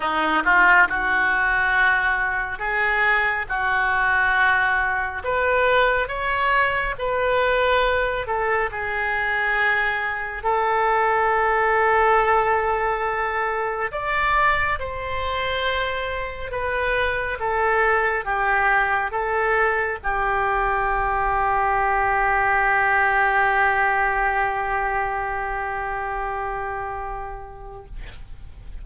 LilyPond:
\new Staff \with { instrumentName = "oboe" } { \time 4/4 \tempo 4 = 69 dis'8 f'8 fis'2 gis'4 | fis'2 b'4 cis''4 | b'4. a'8 gis'2 | a'1 |
d''4 c''2 b'4 | a'4 g'4 a'4 g'4~ | g'1~ | g'1 | }